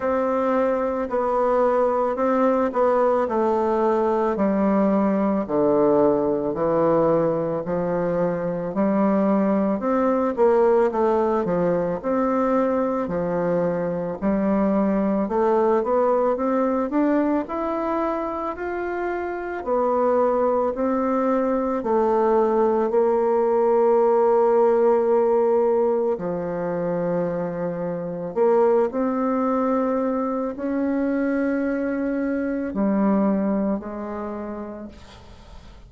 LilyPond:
\new Staff \with { instrumentName = "bassoon" } { \time 4/4 \tempo 4 = 55 c'4 b4 c'8 b8 a4 | g4 d4 e4 f4 | g4 c'8 ais8 a8 f8 c'4 | f4 g4 a8 b8 c'8 d'8 |
e'4 f'4 b4 c'4 | a4 ais2. | f2 ais8 c'4. | cis'2 g4 gis4 | }